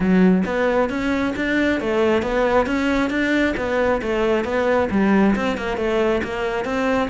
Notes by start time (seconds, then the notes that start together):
0.00 F#3
0.45 B3
0.89 C#4
1.36 D4
1.80 A3
2.22 B3
2.66 C#4
3.10 D4
3.56 B3
4.02 A3
4.44 B3
4.90 G3
5.35 C4
5.57 A#3
5.77 A3
6.23 A#3
6.64 C4